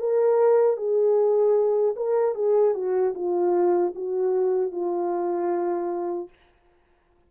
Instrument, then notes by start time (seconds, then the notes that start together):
horn
0.00 A#4
0.78 G#4
1.96 A#4
2.35 G#4
2.75 F#4
3.15 F4
3.96 F#4
4.72 F4